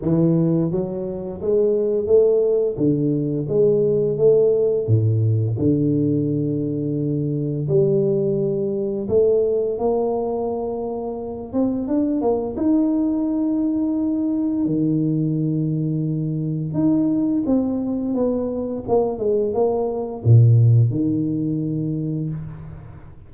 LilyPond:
\new Staff \with { instrumentName = "tuba" } { \time 4/4 \tempo 4 = 86 e4 fis4 gis4 a4 | d4 gis4 a4 a,4 | d2. g4~ | g4 a4 ais2~ |
ais8 c'8 d'8 ais8 dis'2~ | dis'4 dis2. | dis'4 c'4 b4 ais8 gis8 | ais4 ais,4 dis2 | }